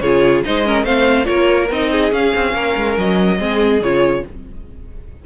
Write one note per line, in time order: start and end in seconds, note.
0.00 0.43 C#3
0.00 0.45 F4
0.00 0.45 G#4
0.00 0.42 C#5
0.44 0.84 G#3
0.44 0.65 D#4
0.44 0.67 C5
0.44 0.85 D#5
0.65 0.85 C#4
0.65 0.85 A#4
0.84 1.26 A3
0.84 1.25 C4
0.84 1.27 C5
0.84 1.25 F5
1.25 1.70 A#3
1.25 1.67 F4
1.25 1.91 A#4
1.25 1.68 C#5
1.70 2.12 C4
1.70 2.11 D#4
1.70 2.13 D#5
1.92 2.54 G#4
2.11 3.38 C#4
2.11 2.34 C#4
2.11 2.98 F5
2.35 2.54 C4
2.54 2.75 A#3
2.54 3.38 A#4
2.77 2.98 G#3
2.98 3.40 F#3
2.98 3.83 D#5
3.38 3.81 G#3
3.38 3.81 C4
3.38 4.23 G#4
3.81 4.24 C#3
3.81 4.26 F4
3.81 4.25 C#5